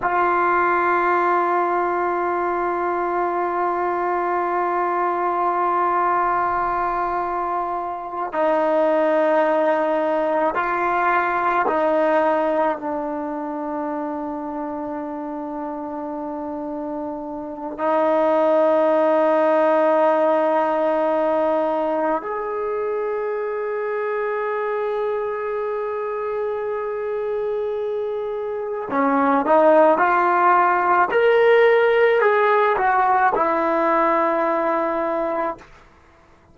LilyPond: \new Staff \with { instrumentName = "trombone" } { \time 4/4 \tempo 4 = 54 f'1~ | f'2.~ f'8 dis'8~ | dis'4. f'4 dis'4 d'8~ | d'1 |
dis'1 | gis'1~ | gis'2 cis'8 dis'8 f'4 | ais'4 gis'8 fis'8 e'2 | }